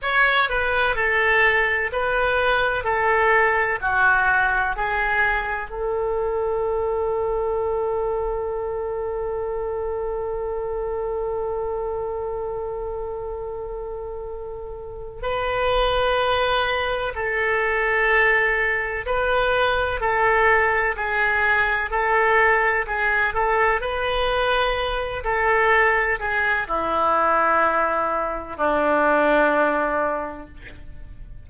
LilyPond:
\new Staff \with { instrumentName = "oboe" } { \time 4/4 \tempo 4 = 63 cis''8 b'8 a'4 b'4 a'4 | fis'4 gis'4 a'2~ | a'1~ | a'1 |
b'2 a'2 | b'4 a'4 gis'4 a'4 | gis'8 a'8 b'4. a'4 gis'8 | e'2 d'2 | }